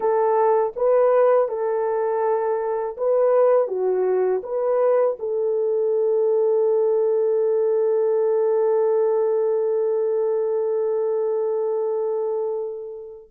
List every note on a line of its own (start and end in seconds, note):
0.00 0.73 A4
0.76 1.48 B4
1.48 2.96 A4
2.97 3.67 B4
3.67 4.41 F#4
4.43 5.17 B4
5.19 13.31 A4